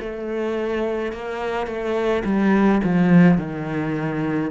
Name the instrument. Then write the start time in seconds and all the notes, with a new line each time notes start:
cello
0.00 A3
1.12 A#3
1.67 A3
2.25 G3
2.84 F3
3.38 D#3